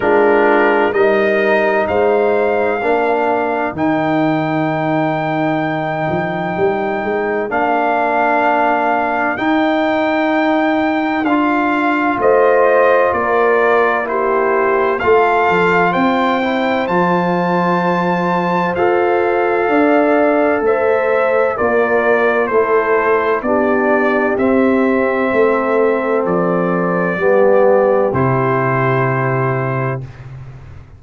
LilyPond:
<<
  \new Staff \with { instrumentName = "trumpet" } { \time 4/4 \tempo 4 = 64 ais'4 dis''4 f''2 | g''1 | f''2 g''2 | f''4 dis''4 d''4 c''4 |
f''4 g''4 a''2 | f''2 e''4 d''4 | c''4 d''4 e''2 | d''2 c''2 | }
  \new Staff \with { instrumentName = "horn" } { \time 4/4 f'4 ais'4 c''4 ais'4~ | ais'1~ | ais'1~ | ais'4 c''4 ais'4 g'4 |
a'4 c''2.~ | c''4 d''4 c''4 ais'4 | a'4 g'2 a'4~ | a'4 g'2. | }
  \new Staff \with { instrumentName = "trombone" } { \time 4/4 d'4 dis'2 d'4 | dis'1 | d'2 dis'2 | f'2. e'4 |
f'4. e'8 f'2 | a'2. f'4 | e'4 d'4 c'2~ | c'4 b4 e'2 | }
  \new Staff \with { instrumentName = "tuba" } { \time 4/4 gis4 g4 gis4 ais4 | dis2~ dis8 f8 g8 gis8 | ais2 dis'2 | d'4 a4 ais2 |
a8 f8 c'4 f2 | f'4 d'4 a4 ais4 | a4 b4 c'4 a4 | f4 g4 c2 | }
>>